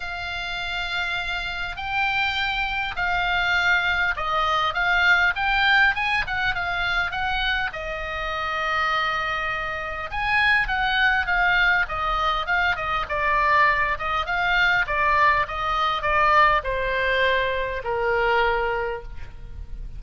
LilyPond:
\new Staff \with { instrumentName = "oboe" } { \time 4/4 \tempo 4 = 101 f''2. g''4~ | g''4 f''2 dis''4 | f''4 g''4 gis''8 fis''8 f''4 | fis''4 dis''2.~ |
dis''4 gis''4 fis''4 f''4 | dis''4 f''8 dis''8 d''4. dis''8 | f''4 d''4 dis''4 d''4 | c''2 ais'2 | }